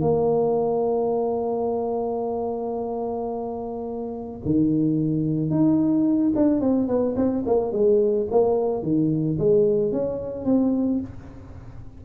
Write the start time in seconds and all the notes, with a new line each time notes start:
0.00 A#3
4.44 D#3
5.50 D#4
6.35 D4
6.60 C4
6.87 B3
7.16 C4
7.46 A#3
7.72 G#3
8.31 A#3
8.82 D#3
9.38 G#3
9.92 C#4
10.45 C4